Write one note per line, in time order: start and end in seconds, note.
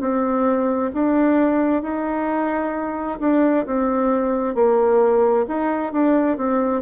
0.00 0.91 C4
0.93 1.82 D4
1.82 3.19 D#4
3.20 3.65 D4
3.66 4.55 C4
4.55 5.45 A#3
5.47 5.92 D#4
5.92 6.37 D4
6.37 6.82 C4